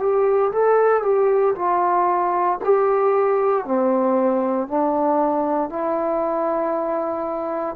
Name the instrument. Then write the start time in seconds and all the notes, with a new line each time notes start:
trombone
0.00 G4
0.53 A4
1.03 G4
1.56 F4
2.64 G4
3.65 C4
4.68 D4
5.70 E4